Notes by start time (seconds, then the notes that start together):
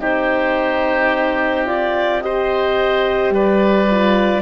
0.00 C4 D#4 G4 C5
1.66 F4 D5
2.22 G4 C5 D#5
3.31 G3 B4 D5
3.91 F4